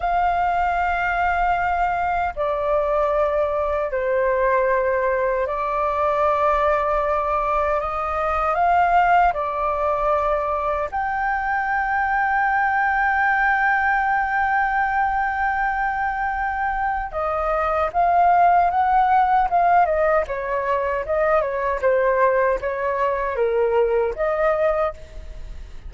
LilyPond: \new Staff \with { instrumentName = "flute" } { \time 4/4 \tempo 4 = 77 f''2. d''4~ | d''4 c''2 d''4~ | d''2 dis''4 f''4 | d''2 g''2~ |
g''1~ | g''2 dis''4 f''4 | fis''4 f''8 dis''8 cis''4 dis''8 cis''8 | c''4 cis''4 ais'4 dis''4 | }